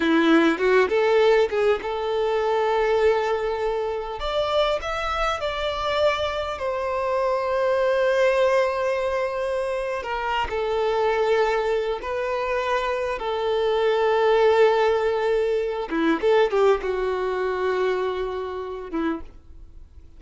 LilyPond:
\new Staff \with { instrumentName = "violin" } { \time 4/4 \tempo 4 = 100 e'4 fis'8 a'4 gis'8 a'4~ | a'2. d''4 | e''4 d''2 c''4~ | c''1~ |
c''8. ais'8. a'2~ a'8 | b'2 a'2~ | a'2~ a'8 e'8 a'8 g'8 | fis'2.~ fis'8 e'8 | }